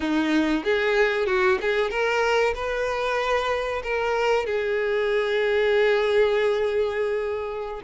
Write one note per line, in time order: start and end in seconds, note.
0.00 0.64 D#4
0.64 1.26 G#4
1.26 1.58 F#4
1.61 1.90 G#4
1.90 2.54 A#4
2.54 3.82 B4
3.83 4.46 A#4
4.46 7.81 G#4